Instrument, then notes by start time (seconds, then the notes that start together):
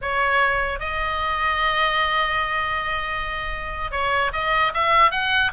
oboe
0.01 C#5
0.79 D#5
3.91 C#5
4.32 D#5
4.74 E5
5.11 F#5